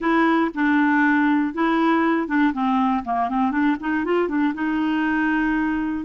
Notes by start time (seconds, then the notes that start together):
0.00 E4
0.54 D4
1.54 E4
2.27 D4
2.53 C4
3.04 A#3
3.29 C4
3.51 D4
3.80 D#4
4.04 F4
4.28 D4
4.54 D#4